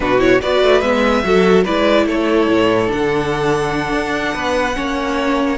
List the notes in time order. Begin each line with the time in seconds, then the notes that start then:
0.00 B2 D4 F#4 B4
0.18 E4 C#5
0.41 B3 F#4 B4 D5
0.62 A3
0.81 G#3 B3 E5
1.23 F#3 F#4 A4
1.64 G#3 E4 B4 D5
2.05 A3 A4 C#5
2.48 A2
2.86 D4 F#5
2.92 D3
3.93 D4
4.34 B3 B4
4.74 A#3 C#4 C#5